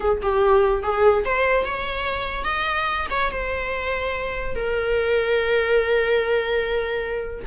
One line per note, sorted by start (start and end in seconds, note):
0.00 0.21 G#4
0.21 0.82 G4
0.82 1.24 G#4
1.24 1.65 C5
1.65 2.44 C#5
2.44 3.06 D#5
3.10 3.31 C#5
3.31 4.55 C5
4.55 7.44 A#4